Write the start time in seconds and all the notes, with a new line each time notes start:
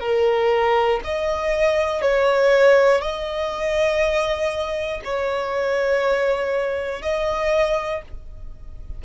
0.00 A#4
1.04 D#5
2.01 C#5
3.01 D#5
5.05 C#5
7.02 D#5